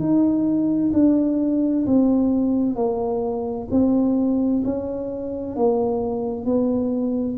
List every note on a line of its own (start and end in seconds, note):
0.00 0.92 D#4
0.94 1.86 D4
1.86 2.76 C4
2.76 3.68 A#3
3.71 4.64 C4
4.65 5.56 C#4
5.56 6.46 A#3
6.46 7.38 B3